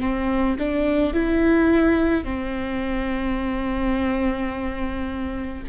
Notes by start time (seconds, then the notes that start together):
0.00 C4
0.59 D4
1.13 E4
2.24 C4